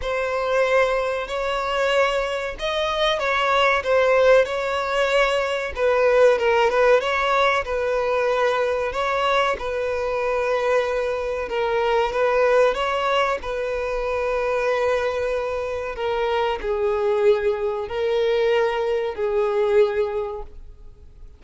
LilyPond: \new Staff \with { instrumentName = "violin" } { \time 4/4 \tempo 4 = 94 c''2 cis''2 | dis''4 cis''4 c''4 cis''4~ | cis''4 b'4 ais'8 b'8 cis''4 | b'2 cis''4 b'4~ |
b'2 ais'4 b'4 | cis''4 b'2.~ | b'4 ais'4 gis'2 | ais'2 gis'2 | }